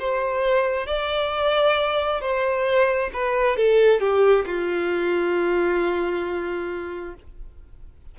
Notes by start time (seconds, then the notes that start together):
0.00 C5
0.87 D5
2.21 C5
3.14 B4
3.57 A4
4.01 G4
4.47 F4